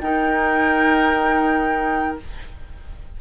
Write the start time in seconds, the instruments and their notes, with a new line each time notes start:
0.00 bassoon D#4, clarinet D#4, oboe A#4, flute G5